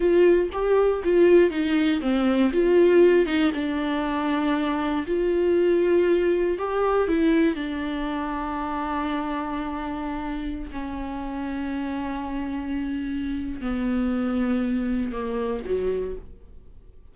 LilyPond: \new Staff \with { instrumentName = "viola" } { \time 4/4 \tempo 4 = 119 f'4 g'4 f'4 dis'4 | c'4 f'4. dis'8 d'4~ | d'2 f'2~ | f'4 g'4 e'4 d'4~ |
d'1~ | d'4~ d'16 cis'2~ cis'8.~ | cis'2. b4~ | b2 ais4 fis4 | }